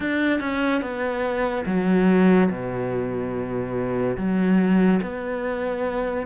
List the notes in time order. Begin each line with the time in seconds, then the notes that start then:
0.00 D4
0.40 C#4
0.81 B3
1.66 F#3
2.50 B2
4.17 F#3
5.02 B3